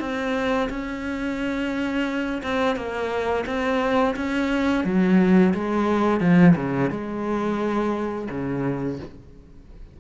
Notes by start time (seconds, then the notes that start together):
0.00 C4
0.70 C#4
2.43 C4
2.76 A#3
3.47 C4
4.16 C#4
4.85 F#3
5.54 G#3
6.21 F3
6.56 C#3
6.91 G#3
8.30 C#3